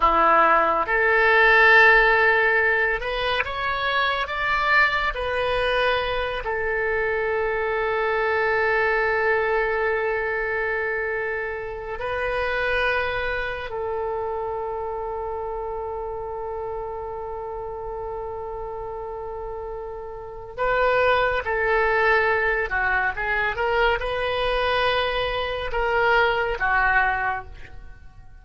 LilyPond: \new Staff \with { instrumentName = "oboe" } { \time 4/4 \tempo 4 = 70 e'4 a'2~ a'8 b'8 | cis''4 d''4 b'4. a'8~ | a'1~ | a'2 b'2 |
a'1~ | a'1 | b'4 a'4. fis'8 gis'8 ais'8 | b'2 ais'4 fis'4 | }